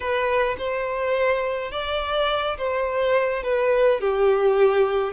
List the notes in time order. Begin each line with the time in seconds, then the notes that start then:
0.00 B4
0.57 C5
1.71 D5
2.57 C5
3.43 B4
4.00 G4